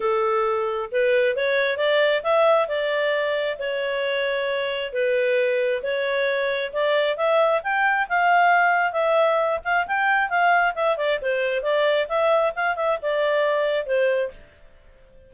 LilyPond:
\new Staff \with { instrumentName = "clarinet" } { \time 4/4 \tempo 4 = 134 a'2 b'4 cis''4 | d''4 e''4 d''2 | cis''2. b'4~ | b'4 cis''2 d''4 |
e''4 g''4 f''2 | e''4. f''8 g''4 f''4 | e''8 d''8 c''4 d''4 e''4 | f''8 e''8 d''2 c''4 | }